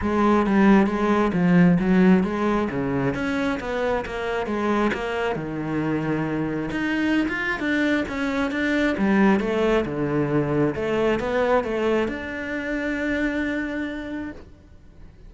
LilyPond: \new Staff \with { instrumentName = "cello" } { \time 4/4 \tempo 4 = 134 gis4 g4 gis4 f4 | fis4 gis4 cis4 cis'4 | b4 ais4 gis4 ais4 | dis2. dis'4~ |
dis'16 f'8. d'4 cis'4 d'4 | g4 a4 d2 | a4 b4 a4 d'4~ | d'1 | }